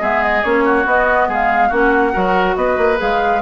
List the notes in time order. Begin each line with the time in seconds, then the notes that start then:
0.00 G#3 B3 G#4 E5
0.23 D#5
0.44 A#3 C#4 C#5
0.64 F#4
0.85 B3 D#5
1.28 G#3 G#4 F5
1.69 A#3 C#4 F#4 F#5
2.13 F#3 F#4 A#4
2.55 B3 B4 D#5
2.78 A#3
2.97 G#3 G#4 F5